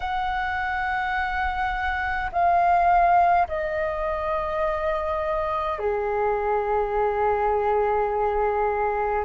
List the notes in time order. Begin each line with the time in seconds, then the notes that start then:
0.00 F#5
2.32 F5
3.48 D#5
5.78 G#4